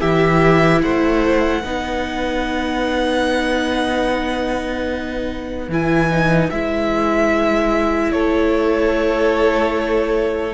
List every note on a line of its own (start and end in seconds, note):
0.00 0.83 E3
0.00 1.62 E4
0.00 0.81 G4
0.00 0.81 E5
0.82 1.63 A3
0.82 1.61 C5
0.82 5.68 F#5
1.61 5.68 B3
1.61 5.69 D#4
1.61 8.10 B4
5.68 6.49 E3
5.68 6.10 E4
5.68 6.50 G#5
6.10 6.51 D#4
6.50 8.12 G#3
6.50 10.53 E4
6.50 8.11 E5
8.11 10.53 A3
8.11 10.53 A4
8.11 10.53 C#5